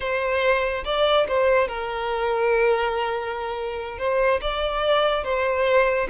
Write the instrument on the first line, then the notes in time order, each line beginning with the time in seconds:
violin
0.00 C5
0.84 D5
1.28 C5
1.68 A#4
3.98 C5
4.41 D5
5.24 C5